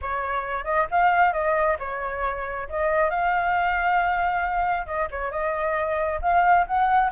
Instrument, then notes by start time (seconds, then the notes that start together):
flute
0.01 C#5
0.64 D#5
0.90 F5
1.32 D#5
1.79 C#5
2.69 D#5
3.10 F5
4.86 D#5
5.11 C#5
5.31 D#5
6.21 F5
6.66 F#5